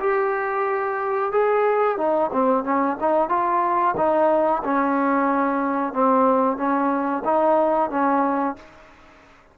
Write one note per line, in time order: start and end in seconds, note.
0.00 1.32 G4
1.32 1.98 G#4
1.98 2.31 D#4
2.33 2.64 C4
2.64 2.97 C#4
3.00 3.29 D#4
3.29 3.95 F4
3.97 4.63 D#4
4.64 5.93 C#4
5.93 6.57 C4
6.57 7.23 C#4
7.25 7.90 D#4
7.90 8.56 C#4